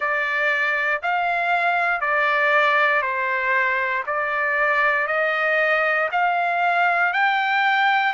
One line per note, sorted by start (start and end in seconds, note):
0.00 1.01 D5
1.02 2.01 F5
2.01 3.01 D5
3.01 4.03 C5
4.06 5.07 D5
5.07 6.09 D#5
6.11 7.13 F5
7.13 8.13 G5